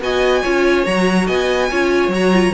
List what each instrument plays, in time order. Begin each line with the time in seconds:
0.00 cello B3, viola F#4, violin D#5 G#5
0.42 cello C#4, viola F4, violin C#5
0.86 cello F#3, viola F#4, violin A#5
1.26 cello B3, violin D#5 G#5
1.70 cello C#4, viola F4, violin C#5
2.08 cello F#3, viola F#4
2.14 violin A#5
2.33 viola F4